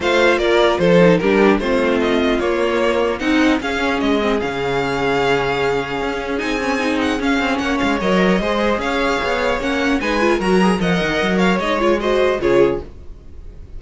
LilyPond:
<<
  \new Staff \with { instrumentName = "violin" } { \time 4/4 \tempo 4 = 150 f''4 d''4 c''4 ais'4 | c''4 dis''4 cis''2 | fis''4 f''4 dis''4 f''4~ | f''1 |
gis''4. fis''8 f''4 fis''8 f''8 | dis''2 f''2 | fis''4 gis''4 ais''4 fis''4~ | fis''8 f''8 dis''8 cis''8 dis''4 cis''4 | }
  \new Staff \with { instrumentName = "violin" } { \time 4/4 c''4 ais'4 a'4 g'4 | f'1 | dis'4 gis'2.~ | gis'1~ |
gis'2. cis''4~ | cis''4 c''4 cis''2~ | cis''4 b'4 ais'4 dis''4~ | dis''8 cis''4. c''4 gis'4 | }
  \new Staff \with { instrumentName = "viola" } { \time 4/4 f'2~ f'8 dis'8 d'4 | c'2 ais2 | dis'4 cis'4. c'8 cis'4~ | cis'1 |
dis'8 cis'8 dis'4 cis'2 | ais'4 gis'2. | cis'4 dis'8 f'8 fis'8 gis'8 ais'4~ | ais'4 dis'8 f'8 fis'4 f'4 | }
  \new Staff \with { instrumentName = "cello" } { \time 4/4 a4 ais4 f4 g4 | a2 ais2 | c'4 cis'4 gis4 cis4~ | cis2. cis'4 |
c'2 cis'8 c'8 ais8 gis8 | fis4 gis4 cis'4 b4 | ais4 gis4 fis4 f8 dis8 | fis4 gis2 cis4 | }
>>